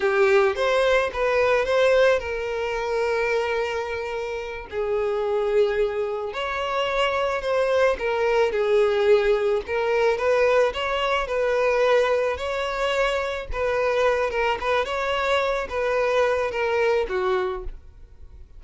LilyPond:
\new Staff \with { instrumentName = "violin" } { \time 4/4 \tempo 4 = 109 g'4 c''4 b'4 c''4 | ais'1~ | ais'8 gis'2. cis''8~ | cis''4. c''4 ais'4 gis'8~ |
gis'4. ais'4 b'4 cis''8~ | cis''8 b'2 cis''4.~ | cis''8 b'4. ais'8 b'8 cis''4~ | cis''8 b'4. ais'4 fis'4 | }